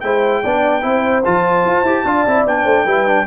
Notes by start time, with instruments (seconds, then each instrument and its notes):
0.00 tuba G#3, trombone E4, horn C5, trumpet G5
0.42 tuba B3, trombone D4, horn D5
0.82 tuba C4, trombone E4, horn C5
1.24 tuba F3, trombone F4, trumpet A5
1.65 tuba F4
1.83 tuba E4, trombone G4
2.05 tuba D4, trombone F4, horn D5
2.27 tuba C4, trombone E4
2.45 tuba B3, trombone D4, trumpet G5
2.63 tuba A3, horn C5
2.85 tuba G3, trombone E4, horn B4
3.07 trombone D4